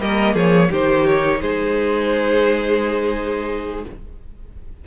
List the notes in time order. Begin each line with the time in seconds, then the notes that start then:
0.00 G3 A#3 A#4 D#5
0.34 F3 G#4 C#5
0.70 D#3 D#4 G4 C5
1.07 C#5
1.41 G#3 G#4 C5